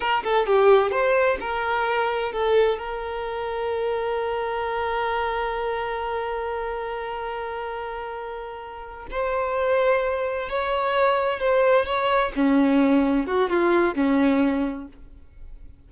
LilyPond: \new Staff \with { instrumentName = "violin" } { \time 4/4 \tempo 4 = 129 ais'8 a'8 g'4 c''4 ais'4~ | ais'4 a'4 ais'2~ | ais'1~ | ais'1~ |
ais'2.~ ais'8 c''8~ | c''2~ c''8 cis''4.~ | cis''8 c''4 cis''4 cis'4.~ | cis'8 fis'8 f'4 cis'2 | }